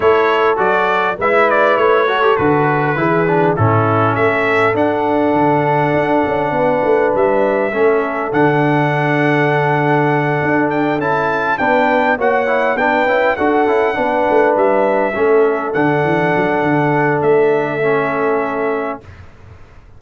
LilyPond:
<<
  \new Staff \with { instrumentName = "trumpet" } { \time 4/4 \tempo 4 = 101 cis''4 d''4 e''8 d''8 cis''4 | b'2 a'4 e''4 | fis''1 | e''2 fis''2~ |
fis''2 g''8 a''4 g''8~ | g''8 fis''4 g''4 fis''4.~ | fis''8 e''2 fis''4.~ | fis''4 e''2. | }
  \new Staff \with { instrumentName = "horn" } { \time 4/4 a'2 b'4. a'8~ | a'4 gis'4 e'4 a'4~ | a'2. b'4~ | b'4 a'2.~ |
a'2.~ a'8 b'8~ | b'8 cis''4 b'4 a'4 b'8~ | b'4. a'2~ a'8~ | a'1 | }
  \new Staff \with { instrumentName = "trombone" } { \time 4/4 e'4 fis'4 e'4. fis'16 g'16 | fis'4 e'8 d'8 cis'2 | d'1~ | d'4 cis'4 d'2~ |
d'2~ d'8 e'4 d'8~ | d'8 fis'8 e'8 d'8 e'8 fis'8 e'8 d'8~ | d'4. cis'4 d'4.~ | d'2 cis'2 | }
  \new Staff \with { instrumentName = "tuba" } { \time 4/4 a4 fis4 gis4 a4 | d4 e4 a,4 a4 | d'4 d4 d'8 cis'8 b8 a8 | g4 a4 d2~ |
d4. d'4 cis'4 b8~ | b8 ais4 b8 cis'8 d'8 cis'8 b8 | a8 g4 a4 d8 e8 fis8 | d4 a2. | }
>>